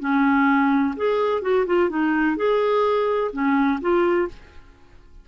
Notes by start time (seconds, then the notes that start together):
0.00 C#4
0.96 G#4
1.42 F#4
1.66 F4
1.90 D#4
2.37 G#4
3.33 C#4
3.81 F4